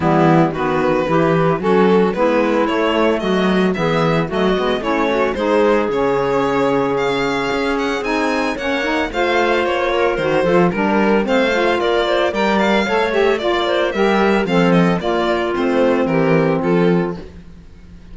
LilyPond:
<<
  \new Staff \with { instrumentName = "violin" } { \time 4/4 \tempo 4 = 112 e'4 b'2 a'4 | b'4 cis''4 dis''4 e''4 | dis''4 cis''4 c''4 cis''4~ | cis''4 f''4. fis''8 gis''4 |
fis''4 f''4 cis''4 c''4 | ais'4 f''4 d''4 g''8 f''8~ | f''8 e''8 d''4 e''4 f''8 dis''8 | d''4 c''4 ais'4 a'4 | }
  \new Staff \with { instrumentName = "clarinet" } { \time 4/4 b4 fis'4 g'4 fis'4 | e'2 fis'4 gis'4 | fis'4 e'8 fis'8 gis'2~ | gis'1 |
cis''4 c''4. ais'4 a'8 | ais'4 c''4 ais'8 c''8 d''4 | cis''4 d''8 c''8 ais'4 a'4 | f'2 g'4 f'4 | }
  \new Staff \with { instrumentName = "saxophone" } { \time 4/4 g4 b4 e'4 cis'4 | b4 a2 b4 | a8 b8 cis'4 dis'4 cis'4~ | cis'2. dis'4 |
cis'8 dis'8 f'2 fis'8 f'8 | d'4 c'8 f'4. ais'4 | a'8 g'8 f'4 g'4 c'4 | ais4 c'2. | }
  \new Staff \with { instrumentName = "cello" } { \time 4/4 e4 dis4 e4 fis4 | gis4 a4 fis4 e4 | fis8 gis8 a4 gis4 cis4~ | cis2 cis'4 c'4 |
ais4 a4 ais4 dis8 f8 | g4 a4 ais4 g4 | a4 ais4 g4 f4 | ais4 a4 e4 f4 | }
>>